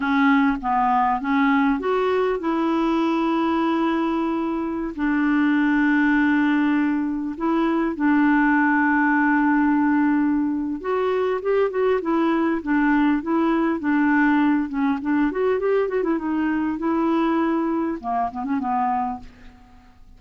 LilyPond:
\new Staff \with { instrumentName = "clarinet" } { \time 4/4 \tempo 4 = 100 cis'4 b4 cis'4 fis'4 | e'1~ | e'16 d'2.~ d'8.~ | d'16 e'4 d'2~ d'8.~ |
d'2 fis'4 g'8 fis'8 | e'4 d'4 e'4 d'4~ | d'8 cis'8 d'8 fis'8 g'8 fis'16 e'16 dis'4 | e'2 ais8 b16 cis'16 b4 | }